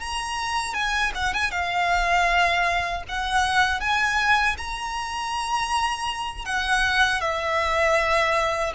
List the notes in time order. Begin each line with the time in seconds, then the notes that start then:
0.00 A#5
0.75 G#5
1.15 F#5
1.34 G#5
1.52 F5
3.09 F#5
3.81 G#5
4.58 A#5
6.46 F#5
7.21 E5